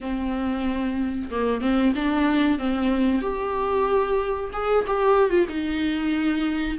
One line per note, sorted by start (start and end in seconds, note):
0.00 1.29 C4
1.30 1.61 A#3
1.61 1.93 C4
1.95 2.58 D4
2.58 3.21 C4
3.21 4.50 G4
4.52 4.85 G#4
4.87 5.29 G4
5.29 5.45 F4
5.48 6.77 D#4